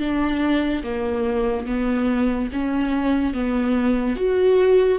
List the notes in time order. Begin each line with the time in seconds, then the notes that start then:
0.00 D4
0.84 A#3
1.67 B3
2.53 C#4
3.34 B3
4.16 F#4